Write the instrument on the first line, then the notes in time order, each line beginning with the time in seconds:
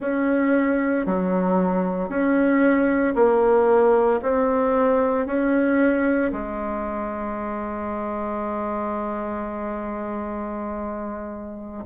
bassoon
0.00 C#4
1.05 F#3
2.09 C#4
3.15 A#3
4.22 C4
5.26 C#4
6.32 G#3